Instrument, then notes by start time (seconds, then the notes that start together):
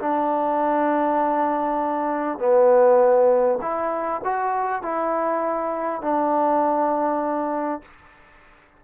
trombone
0.00 D4
2.39 B3
3.62 E4
4.25 F#4
4.83 E4
6.02 D4